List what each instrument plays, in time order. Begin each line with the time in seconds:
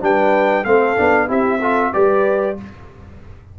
0.00 tuba G3, trombone D4, horn B4, trumpet G5
0.64 tuba A3, trombone C4, horn A4, trumpet F5
0.97 tuba B3, trombone D4
1.27 tuba C4, trombone E4, horn G4, trumpet E5
1.59 trombone F4, horn A4
1.93 tuba G3, trombone G4, horn B4, trumpet D5